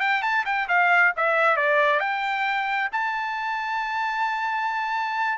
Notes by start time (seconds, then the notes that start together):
0.00 G5
0.22 A5
0.45 G5
0.68 F5
1.16 E5
1.56 D5
2.00 G5
2.92 A5